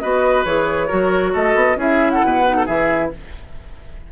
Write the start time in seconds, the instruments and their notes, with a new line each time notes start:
0.00 bassoon B3, clarinet F#4, oboe B4, flute D#5
0.45 bassoon E3, clarinet G#4, flute C#5
0.88 bassoon F#3, clarinet F#4, oboe A#4
1.33 bassoon A3, oboe A4, flute D#5
1.55 bassoon B3
1.76 bassoon C#4, clarinet E4, oboe G#4, flute E5
2.11 oboe A4, flute F#5
2.24 bassoon B2, oboe B4
2.47 clarinet D#4
2.57 oboe A4
2.66 bassoon E3, clarinet E4, oboe G#4, flute E5